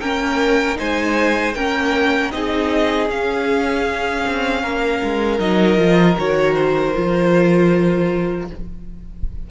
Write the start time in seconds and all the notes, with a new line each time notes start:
0.00 A#3 C#4 A#4 G5
0.75 G#3 D#4 C5 G#5
1.54 A#3 C#4 A#4 G5
2.31 C4 D#4 G#4 D#5
3.09 C#4 F5
4.26 C4
4.62 A#3 A#4
5.03 G#3
5.39 F#3 D#4 D#5
5.77 F3 F4
6.17 D#3 F#4 C#5
6.54 C5
6.94 F3 F4